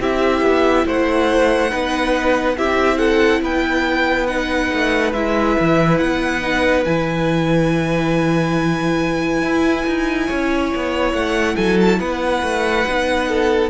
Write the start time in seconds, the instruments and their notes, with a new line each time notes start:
0.00 cello C4, viola E4, violin G4 E5
0.41 cello B3
0.86 cello A3, violin C5 F#5
1.70 cello B3, viola D#4, violin B4
2.57 cello C4, viola E4, violin G4 E5
2.98 violin A4 F#5
3.41 cello B3, violin B4 G5
4.27 viola D#4, violin F#5
4.74 cello A3
5.13 cello G#3, viola E4, violin E5
5.60 cello E3
5.98 cello B3, violin F#5
6.41 viola D#4
6.85 cello E3, viola E4, violin G#5
9.42 cello E4
9.86 cello D#4
10.26 cello C#4, violin C#5
10.75 cello B3
11.13 cello A3, violin F#5
11.56 cello F#3, violin A4 G#5
11.81 violin A5
12.00 cello B3, violin B4 F#5
12.42 cello A3
12.87 cello B3, viola D#4
13.28 violin A4